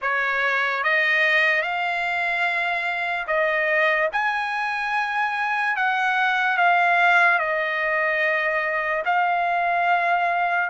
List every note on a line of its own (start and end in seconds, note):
0.01 0.83 C#5
0.83 1.62 D#5
1.62 3.26 F5
3.27 4.09 D#5
4.12 5.76 G#5
5.76 6.57 F#5
6.57 7.38 F5
7.38 9.03 D#5
9.04 10.69 F5